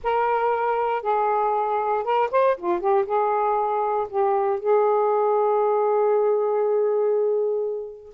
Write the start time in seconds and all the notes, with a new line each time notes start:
0.03 A#4
1.02 G#4
2.03 A#4
2.31 C5
2.57 F4
2.80 G4
3.05 G#4
4.09 G4
4.59 G#4